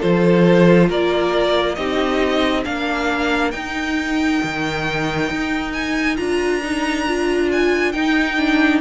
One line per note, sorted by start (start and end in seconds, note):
0.00 0.90 F3
0.00 1.77 F4
0.00 0.88 A4
0.00 0.89 C5
0.89 1.78 A#3
0.89 1.77 A#4
0.89 1.75 D5
1.75 2.66 C4
1.75 2.64 D#4
1.75 2.65 G4
1.75 2.64 D#5
2.64 3.54 A#3
2.64 3.53 D4
2.64 8.81 A#4
2.64 3.51 F5
3.51 6.17 D#4
3.51 4.42 D#4
3.51 5.72 G5
4.43 5.30 D#3
5.30 6.19 D#4
5.73 6.17 G#5
6.17 7.95 D4
6.17 6.61 F4
6.17 7.49 A#5
6.63 7.07 D#4
7.08 7.94 F4
7.52 7.93 G#5
7.93 8.38 D#4
7.93 8.81 D#4
7.93 8.81 G5
8.38 8.81 D4